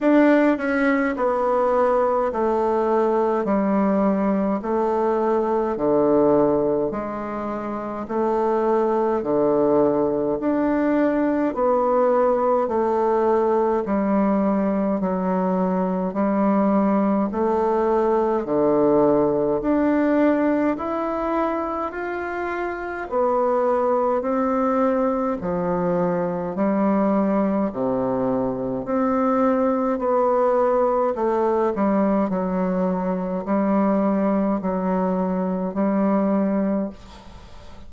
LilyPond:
\new Staff \with { instrumentName = "bassoon" } { \time 4/4 \tempo 4 = 52 d'8 cis'8 b4 a4 g4 | a4 d4 gis4 a4 | d4 d'4 b4 a4 | g4 fis4 g4 a4 |
d4 d'4 e'4 f'4 | b4 c'4 f4 g4 | c4 c'4 b4 a8 g8 | fis4 g4 fis4 g4 | }